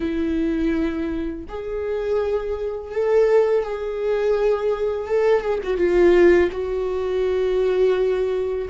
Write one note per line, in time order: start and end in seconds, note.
0.00 1.45 E4
1.48 2.91 G#4
2.91 3.63 A4
3.63 5.07 G#4
5.07 5.40 A4
5.40 5.58 G#4
5.63 5.77 F#4
5.77 6.49 F4
6.51 8.68 F#4